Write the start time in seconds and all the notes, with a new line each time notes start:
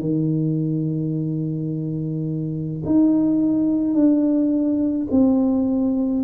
0.00 D#3
2.86 D#4
3.95 D4
5.11 C4